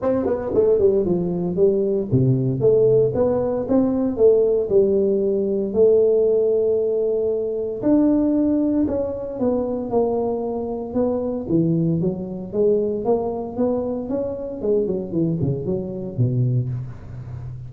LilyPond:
\new Staff \with { instrumentName = "tuba" } { \time 4/4 \tempo 4 = 115 c'8 b8 a8 g8 f4 g4 | c4 a4 b4 c'4 | a4 g2 a4~ | a2. d'4~ |
d'4 cis'4 b4 ais4~ | ais4 b4 e4 fis4 | gis4 ais4 b4 cis'4 | gis8 fis8 e8 cis8 fis4 b,4 | }